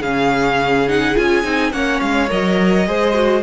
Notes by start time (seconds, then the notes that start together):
0.00 C#3 C#4 G#4 F5
0.88 D#4 F#5
1.15 C#4 F4 G#5
1.44 C4 D#4
1.72 A#3 C#4 C#5 F#5
2.01 G#3 F5
2.29 F#3 A#4 D#5
2.86 G#3 G#4 C5
3.14 F#4